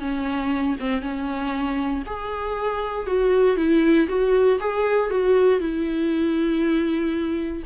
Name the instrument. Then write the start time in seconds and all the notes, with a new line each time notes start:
viola
0.00 C#4
0.80 C4
1.01 C#4
2.06 G#4
3.07 F#4
3.57 E4
4.08 F#4
4.60 G#4
5.10 F#4
5.60 E4